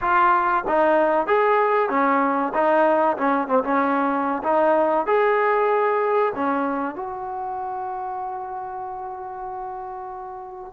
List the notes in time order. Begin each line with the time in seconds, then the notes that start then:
0.01 F4
0.67 D#4
1.26 G#4
1.89 C#4
2.53 D#4
3.17 C#4
3.47 C4
3.63 C#4
4.43 D#4
5.06 G#4
6.35 C#4
6.95 F#4